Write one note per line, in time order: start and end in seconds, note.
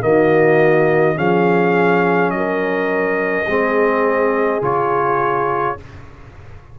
0.00 1.18 D#3
0.00 1.14 A#3
0.00 1.17 F#4
0.00 1.17 D#5
1.14 2.31 F3
1.14 3.45 C#4
1.14 2.32 G#4
1.14 2.30 F5
2.30 3.46 F#3
2.30 4.61 D#5
2.36 3.47 A#4
3.47 4.61 G#3
3.47 4.62 C4
3.47 5.77 G#4
4.61 5.77 C#3
4.61 5.77 F4
4.61 5.79 C#5